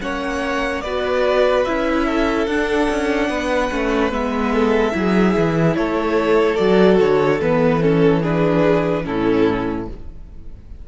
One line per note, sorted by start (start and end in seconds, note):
0.00 0.84 A#3
0.00 0.82 C#4
0.00 0.84 C#5
0.00 0.81 F#5
0.81 1.66 B3
0.81 1.67 F#4
0.81 2.06 B4
0.81 1.64 D5
1.65 2.47 C#4
1.65 2.49 E4
1.65 2.47 E5
2.06 3.29 A4
2.47 2.88 D4
2.47 3.71 D4
2.47 4.11 F#5
2.90 3.29 C#4
3.29 3.70 B3
3.29 4.52 B4
3.71 4.11 A3
3.71 4.12 C#4
4.11 4.94 G#3
4.11 4.92 B3
4.11 5.76 E5
4.52 4.93 A4
4.92 5.36 F#3
4.92 6.56 E4
4.92 5.77 G#4
5.37 5.77 E3
5.76 6.59 A3
5.76 8.20 A4
5.76 6.56 C#5
6.56 7.00 F#3
6.56 7.40 F#4
6.56 6.97 D5
7.00 7.41 D3
7.00 7.41 C#5
7.42 9.06 E3
7.42 7.81 B3
7.42 7.83 B4
7.81 8.22 C#4
7.81 8.24 A4
8.20 9.04 D4
8.20 9.03 G#4
8.20 9.05 B4
9.04 9.88 A2
9.04 9.86 C#4
9.04 9.88 E4
9.04 9.87 A4